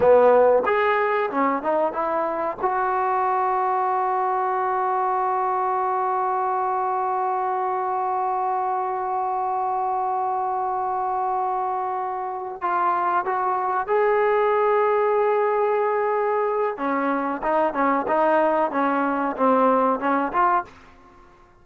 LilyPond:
\new Staff \with { instrumentName = "trombone" } { \time 4/4 \tempo 4 = 93 b4 gis'4 cis'8 dis'8 e'4 | fis'1~ | fis'1~ | fis'1~ |
fis'2.~ fis'8 f'8~ | f'8 fis'4 gis'2~ gis'8~ | gis'2 cis'4 dis'8 cis'8 | dis'4 cis'4 c'4 cis'8 f'8 | }